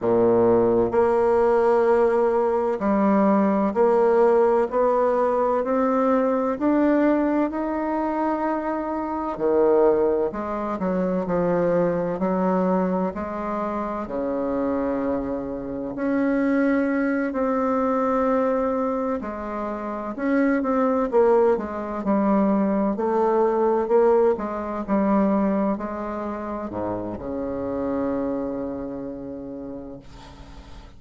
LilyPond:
\new Staff \with { instrumentName = "bassoon" } { \time 4/4 \tempo 4 = 64 ais,4 ais2 g4 | ais4 b4 c'4 d'4 | dis'2 dis4 gis8 fis8 | f4 fis4 gis4 cis4~ |
cis4 cis'4. c'4.~ | c'8 gis4 cis'8 c'8 ais8 gis8 g8~ | g8 a4 ais8 gis8 g4 gis8~ | gis8 gis,8 cis2. | }